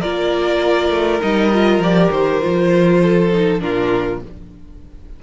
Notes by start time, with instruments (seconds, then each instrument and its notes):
0.00 cello A#3, viola F4, violin A#4 D5
0.90 cello A3
1.21 cello G3, viola D#4, violin D#5
1.53 viola F4
1.79 cello F3, viola G4, violin D5
2.11 cello D#3, violin C5
2.41 cello F3, viola F4
3.03 violin A4
3.33 viola D#4
3.60 cello A#2, viola D4, violin F4 A#4